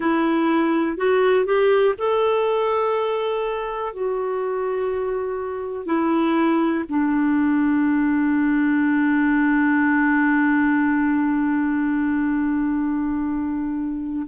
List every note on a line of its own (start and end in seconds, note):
0.00 0.97 E4
0.97 1.45 F#4
1.45 1.94 G4
1.98 3.93 A4
3.93 5.86 F#4
5.86 6.84 E4
6.89 14.26 D4